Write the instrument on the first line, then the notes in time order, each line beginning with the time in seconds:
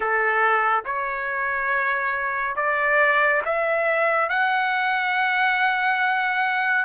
trumpet
0.00 A4
0.85 C#5
2.56 D5
3.45 E5
4.29 F#5